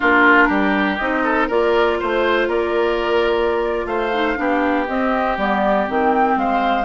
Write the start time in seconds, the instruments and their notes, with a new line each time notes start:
0.00 bassoon A#3, clarinet D4, oboe F4, flute A#4
0.48 bassoon G3, oboe G4
0.97 bassoon C4, clarinet D#4, flute D#5
1.23 oboe A4
1.47 bassoon A#3, clarinet F4, oboe A#4, flute D5
1.99 bassoon A3, oboe C5, flute C5
2.47 bassoon A#3, oboe A#4, flute D5
3.85 bassoon A3, oboe C5, flute F5
4.12 clarinet D#4
4.36 bassoon B3, clarinet D4, oboe G4
4.87 bassoon C4, clarinet C4, flute D#5
5.37 bassoon G3, clarinet B3, flute D5
5.87 bassoon D#3, clarinet C4, flute G5
6.36 bassoon G#3, oboe C5, flute F5